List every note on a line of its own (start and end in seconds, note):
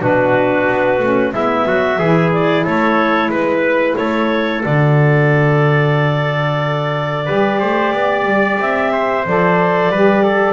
0.00 0.68 B2
0.00 0.99 D4
0.00 1.34 F#4
0.00 1.33 B4
0.68 0.99 B3
0.99 1.32 A3
0.99 1.34 C#4
1.33 1.66 G#3
1.33 1.99 B3
1.33 1.68 E4
1.33 2.32 E5
1.67 1.99 F#3
1.67 1.99 F#4
1.99 2.65 E3
1.99 4.66 E4
1.99 2.64 G#4
2.33 2.66 D5
2.64 3.29 A3
2.64 3.30 A4
2.64 3.32 C#5
3.29 3.95 G#3
3.29 3.96 B4
3.96 4.64 A3
3.96 7.26 A4
3.96 4.62 C#5
4.65 7.30 D3
4.65 7.26 F#4
4.65 8.60 D5
7.26 7.63 G3
7.26 9.24 G4
7.26 7.59 B4
7.60 7.93 A3
7.60 7.93 C5
7.93 8.25 B3
7.93 8.92 D5
8.25 8.58 G3
8.60 9.26 C4
8.60 9.27 E5
8.93 9.91 C5
9.27 9.90 F3
9.27 9.94 A4
9.27 10.53 D5
9.90 10.53 G3
9.90 10.53 G4
9.90 10.23 B4
10.23 10.53 A4